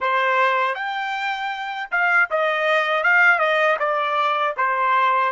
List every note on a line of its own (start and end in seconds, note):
0.00 0.74 C5
0.74 1.88 G5
1.91 2.29 F5
2.30 3.03 D#5
3.03 3.38 F5
3.38 3.76 D#5
3.79 4.55 D5
4.56 5.32 C5